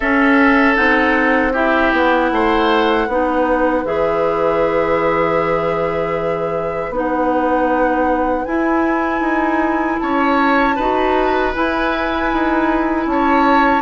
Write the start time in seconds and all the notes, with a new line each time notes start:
0.00 C#4 A4 E5
0.75 C4 D#4 F#5
1.52 E4 G4 E5
1.92 B3 F#5
2.31 A3 C5
3.07 B3 D#4 B4
3.84 E3 G#4 E5
6.89 B3 D#4
6.97 F#5
8.45 E4 G#5
9.20 D#4
9.99 C#4 C#5 A5
10.75 D#4 F#4 B4
11.54 E4 G#5
12.32 D#4
13.06 C#4 C#5 A5